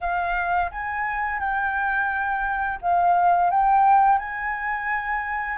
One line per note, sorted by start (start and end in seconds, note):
0.00 0.70 F5
0.71 1.40 G#5
1.40 2.79 G5
2.81 3.50 F5
3.50 4.18 G5
4.18 5.58 G#5